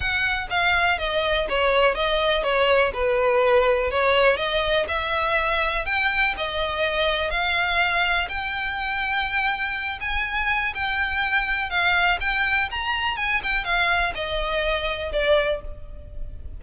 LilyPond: \new Staff \with { instrumentName = "violin" } { \time 4/4 \tempo 4 = 123 fis''4 f''4 dis''4 cis''4 | dis''4 cis''4 b'2 | cis''4 dis''4 e''2 | g''4 dis''2 f''4~ |
f''4 g''2.~ | g''8 gis''4. g''2 | f''4 g''4 ais''4 gis''8 g''8 | f''4 dis''2 d''4 | }